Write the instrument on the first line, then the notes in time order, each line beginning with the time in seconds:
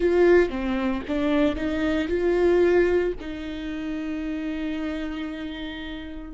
viola
0.00 F4
0.49 C4
1.07 D4
1.55 D#4
2.08 F4
3.20 D#4